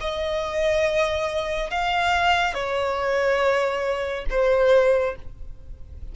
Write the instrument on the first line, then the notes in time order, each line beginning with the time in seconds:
violin
0.00 D#5
1.70 F5
2.54 C#5
4.30 C5